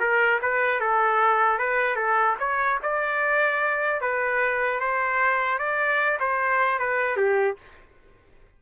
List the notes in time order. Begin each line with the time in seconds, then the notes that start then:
0.00 A#4
0.42 B4
0.81 A4
1.59 B4
1.96 A4
2.40 C#5
2.83 D5
4.01 B4
4.81 C5
5.59 D5
6.20 C5
6.79 B4
7.17 G4